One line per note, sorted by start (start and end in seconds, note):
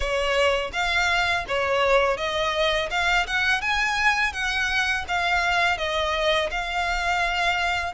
0.00 0.71 C#5
0.73 1.45 F5
1.48 2.17 C#5
2.17 2.89 D#5
2.90 3.26 F5
3.27 3.61 F#5
3.61 4.32 G#5
4.32 5.05 F#5
5.08 5.77 F5
5.77 6.50 D#5
6.50 7.93 F5